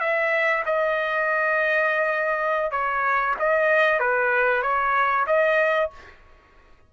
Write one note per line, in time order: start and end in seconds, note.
0.00 0.64 E5
0.66 2.71 D#5
2.71 3.35 C#5
3.39 4.00 D#5
4.00 4.62 B4
4.62 5.26 C#5
5.27 5.91 D#5